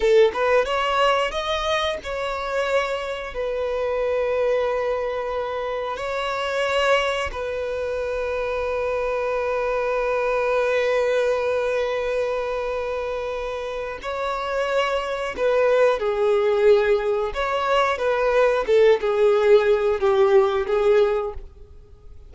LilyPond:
\new Staff \with { instrumentName = "violin" } { \time 4/4 \tempo 4 = 90 a'8 b'8 cis''4 dis''4 cis''4~ | cis''4 b'2.~ | b'4 cis''2 b'4~ | b'1~ |
b'1~ | b'4 cis''2 b'4 | gis'2 cis''4 b'4 | a'8 gis'4. g'4 gis'4 | }